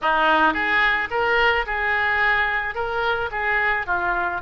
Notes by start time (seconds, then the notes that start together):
0.01 D#4
0.53 G#4
1.10 A#4
1.66 G#4
2.74 A#4
3.31 G#4
3.86 F4